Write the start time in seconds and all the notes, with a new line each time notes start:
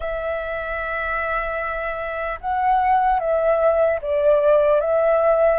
0.00 E5
2.40 F#5
3.19 E5
4.01 D5
4.80 E5